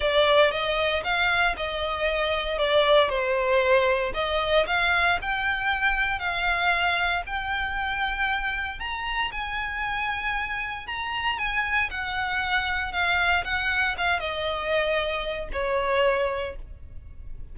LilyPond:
\new Staff \with { instrumentName = "violin" } { \time 4/4 \tempo 4 = 116 d''4 dis''4 f''4 dis''4~ | dis''4 d''4 c''2 | dis''4 f''4 g''2 | f''2 g''2~ |
g''4 ais''4 gis''2~ | gis''4 ais''4 gis''4 fis''4~ | fis''4 f''4 fis''4 f''8 dis''8~ | dis''2 cis''2 | }